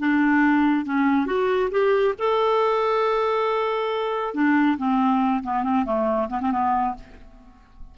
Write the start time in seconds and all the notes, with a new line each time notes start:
0.00 D4
0.86 C#4
1.26 F#4
1.71 G4
2.19 A4
4.34 D4
4.78 C4
5.44 B3
5.64 C4
5.86 A3
6.30 B3
6.42 C4
6.52 B3